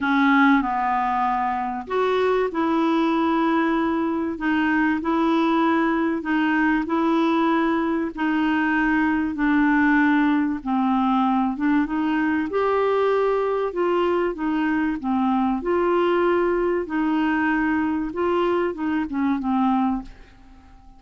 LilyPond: \new Staff \with { instrumentName = "clarinet" } { \time 4/4 \tempo 4 = 96 cis'4 b2 fis'4 | e'2. dis'4 | e'2 dis'4 e'4~ | e'4 dis'2 d'4~ |
d'4 c'4. d'8 dis'4 | g'2 f'4 dis'4 | c'4 f'2 dis'4~ | dis'4 f'4 dis'8 cis'8 c'4 | }